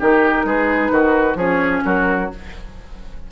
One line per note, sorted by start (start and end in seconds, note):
0.00 0.45 D#3
0.00 1.39 D#4
0.00 0.46 G4
0.00 0.47 A#4
0.45 0.91 G#3
0.45 0.92 G#4
0.45 1.37 B4
0.91 1.36 D#3
0.91 1.38 F#4
1.36 1.82 F3
1.36 2.31 C#4
1.36 1.84 G#4
1.36 1.83 C#5
1.85 2.31 F#3
1.85 2.32 F#4
1.85 2.32 A#4